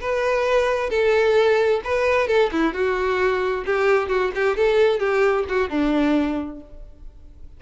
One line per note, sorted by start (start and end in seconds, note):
0.00 0.89 B4
0.89 1.80 A4
1.84 2.27 B4
2.27 2.50 A4
2.51 2.73 E4
2.73 3.64 F#4
3.65 4.08 G4
4.08 4.31 F#4
4.35 4.56 G4
4.56 4.99 A4
4.99 5.44 G4
5.48 5.69 F#4
5.69 6.60 D4